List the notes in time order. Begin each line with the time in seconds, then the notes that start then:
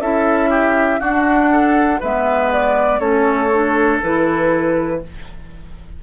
0.00 C#4 E4 A4 E5
0.50 G4
1.00 D4 F#4 F#5
1.52 A4
2.00 G#3 B3 B4 E5
2.52 D5
3.00 A3 C#4 A4 C#5
3.53 D4
4.03 E3 E4 B4